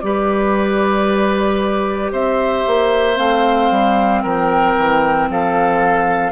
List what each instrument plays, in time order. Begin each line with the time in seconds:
0.00 bassoon G3, clarinet G4, oboe B4, flute D5
2.11 bassoon C4, oboe C5, flute E5
2.66 bassoon A#3
3.15 bassoon A3, clarinet C4, flute F5
3.70 bassoon G3
4.23 bassoon F3, oboe A#4, flute G5
4.76 bassoon E3
5.29 bassoon F3, oboe A4, flute F5